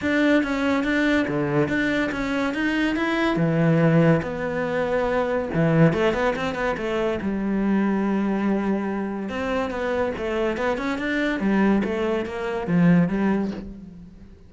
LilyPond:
\new Staff \with { instrumentName = "cello" } { \time 4/4 \tempo 4 = 142 d'4 cis'4 d'4 d4 | d'4 cis'4 dis'4 e'4 | e2 b2~ | b4 e4 a8 b8 c'8 b8 |
a4 g2.~ | g2 c'4 b4 | a4 b8 cis'8 d'4 g4 | a4 ais4 f4 g4 | }